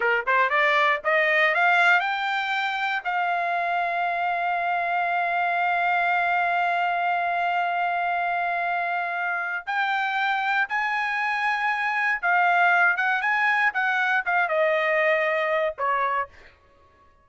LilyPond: \new Staff \with { instrumentName = "trumpet" } { \time 4/4 \tempo 4 = 118 ais'8 c''8 d''4 dis''4 f''4 | g''2 f''2~ | f''1~ | f''1~ |
f''2. g''4~ | g''4 gis''2. | f''4. fis''8 gis''4 fis''4 | f''8 dis''2~ dis''8 cis''4 | }